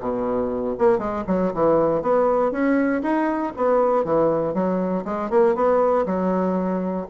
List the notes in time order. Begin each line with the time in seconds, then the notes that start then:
0.00 B2
0.79 A#3
0.98 G#3
1.27 F#3
1.54 E3
2.02 B3
2.52 C#4
3.03 D#4
3.57 B3
4.04 E3
4.54 F#3
5.05 G#3
5.30 A#3
5.55 B3
6.06 F#3